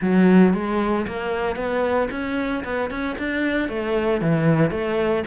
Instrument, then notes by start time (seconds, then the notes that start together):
cello
0.01 F#3
0.53 G#3
1.07 A#3
1.56 B3
2.11 C#4
2.64 B3
2.90 C#4
3.18 D4
3.68 A3
4.21 E3
4.71 A3